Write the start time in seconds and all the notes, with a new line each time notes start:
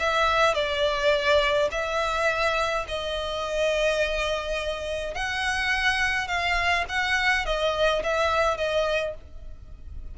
0.00 E5
0.55 D5
1.71 E5
2.89 D#5
5.15 F#5
6.28 F5
6.89 F#5
7.46 D#5
8.04 E5
8.58 D#5